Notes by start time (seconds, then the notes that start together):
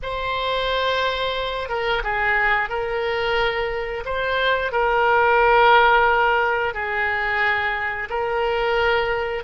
0.02 C5
1.69 A#4
2.03 G#4
2.69 A#4
4.05 C5
4.72 A#4
6.74 G#4
8.09 A#4